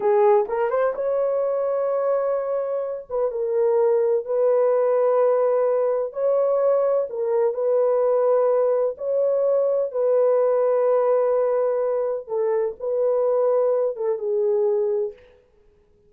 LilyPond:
\new Staff \with { instrumentName = "horn" } { \time 4/4 \tempo 4 = 127 gis'4 ais'8 c''8 cis''2~ | cis''2~ cis''8 b'8 ais'4~ | ais'4 b'2.~ | b'4 cis''2 ais'4 |
b'2. cis''4~ | cis''4 b'2.~ | b'2 a'4 b'4~ | b'4. a'8 gis'2 | }